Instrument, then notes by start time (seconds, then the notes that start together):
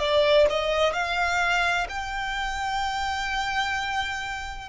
violin
0.00 D5
0.50 D#5
0.93 F5
1.89 G5